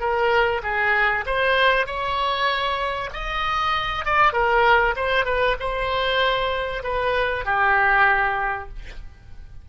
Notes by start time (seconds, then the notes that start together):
0.00 A#4
0.63 G#4
1.26 C5
1.86 C#5
3.13 D#5
4.05 D5
4.33 A#4
4.96 C5
5.25 B4
5.60 C5
6.84 B4
7.45 G4